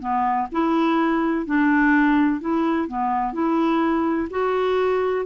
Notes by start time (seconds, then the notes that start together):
0.00 B3
0.52 E4
1.46 D4
2.41 E4
2.88 B3
3.33 E4
4.31 F#4